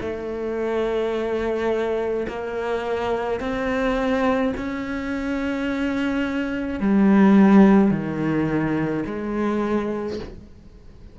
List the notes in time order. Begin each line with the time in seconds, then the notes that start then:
0.00 A3
2.28 A#3
3.40 C4
4.56 C#4
6.80 G3
7.90 D#3
9.06 G#3